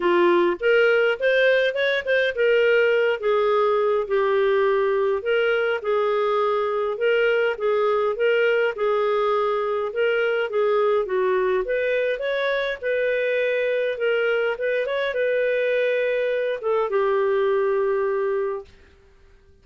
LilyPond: \new Staff \with { instrumentName = "clarinet" } { \time 4/4 \tempo 4 = 103 f'4 ais'4 c''4 cis''8 c''8 | ais'4. gis'4. g'4~ | g'4 ais'4 gis'2 | ais'4 gis'4 ais'4 gis'4~ |
gis'4 ais'4 gis'4 fis'4 | b'4 cis''4 b'2 | ais'4 b'8 cis''8 b'2~ | b'8 a'8 g'2. | }